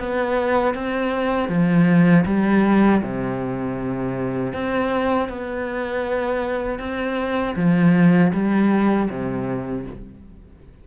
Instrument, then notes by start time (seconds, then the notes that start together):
cello
0.00 B3
0.75 C4
1.49 F3
2.26 G3
3.02 C3
4.54 C4
5.30 B3
6.80 C4
7.57 F3
8.34 G3
9.10 C3